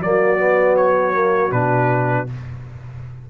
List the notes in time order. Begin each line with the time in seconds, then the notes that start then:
0.00 F#3 A#3 F#4 D5
0.37 B3
0.76 C#5
1.12 A#3
1.51 B2 D4 B4